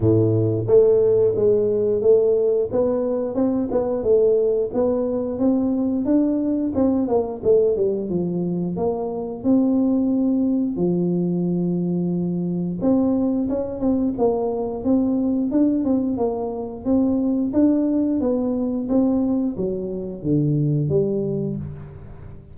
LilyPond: \new Staff \with { instrumentName = "tuba" } { \time 4/4 \tempo 4 = 89 a,4 a4 gis4 a4 | b4 c'8 b8 a4 b4 | c'4 d'4 c'8 ais8 a8 g8 | f4 ais4 c'2 |
f2. c'4 | cis'8 c'8 ais4 c'4 d'8 c'8 | ais4 c'4 d'4 b4 | c'4 fis4 d4 g4 | }